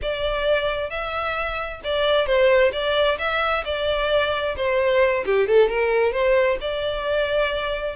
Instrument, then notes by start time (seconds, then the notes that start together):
violin
0.01 D5
0.89 E5
1.84 D5
2.26 C5
2.72 D5
3.18 E5
3.64 D5
4.56 C5
5.25 G4
5.47 A4
5.69 A#4
6.12 C5
6.61 D5